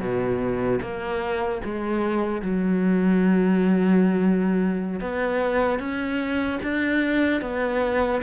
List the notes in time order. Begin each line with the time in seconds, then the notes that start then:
0.00 B2
0.81 A#3
1.64 G#3
2.42 F#3
5.00 B3
5.79 C#4
6.63 D4
7.41 B3